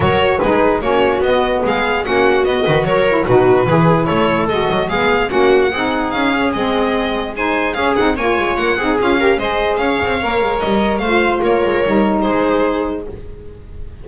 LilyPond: <<
  \new Staff \with { instrumentName = "violin" } { \time 4/4 \tempo 4 = 147 cis''4 b'4 cis''4 dis''4 | f''4 fis''4 dis''4 cis''4 | b'2 cis''4 dis''4 | f''4 fis''2 f''4 |
dis''2 gis''4 f''8 fis''8 | gis''4 fis''4 f''4 dis''4 | f''2 dis''4 f''4 | cis''2 c''2 | }
  \new Staff \with { instrumentName = "viola" } { \time 4/4 ais'4 gis'4 fis'2 | gis'4 fis'4. b'8 ais'4 | fis'4 gis'4 a'2 | gis'4 fis'4 gis'2~ |
gis'2 c''4 gis'4 | cis''4. gis'4 ais'8 c''4 | cis''2. c''4 | ais'2 gis'2 | }
  \new Staff \with { instrumentName = "saxophone" } { \time 4/4 fis'4 dis'4 cis'4 b4~ | b4 cis'4 b8 fis'4 e'8 | dis'4 e'2 fis'4 | b4 cis'4 dis'4. cis'8 |
c'2 dis'4 cis'8 dis'8 | f'4. dis'8 f'8 g'8 gis'4~ | gis'4 ais'2 f'4~ | f'4 dis'2. | }
  \new Staff \with { instrumentName = "double bass" } { \time 4/4 fis4 gis4 ais4 b4 | gis4 ais4 b8 dis8 fis4 | b,4 e4 a4 gis8 fis8 | gis4 ais4 c'4 cis'4 |
gis2. cis'8 c'8 | ais8 gis8 ais8 c'8 cis'4 gis4 | cis'8 c'8 ais8 gis8 g4 a4 | ais8 gis8 g4 gis2 | }
>>